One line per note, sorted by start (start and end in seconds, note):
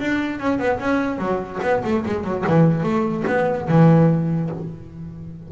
0.00 0.40 D4
0.40 0.59 C#4
0.59 0.79 B3
0.79 1.18 C#4
1.18 1.59 F#3
1.62 1.83 B3
1.84 2.04 A3
2.05 2.24 G#3
2.24 2.44 F#3
2.47 2.83 E3
2.83 3.24 A3
3.27 3.68 B3
3.68 4.50 E3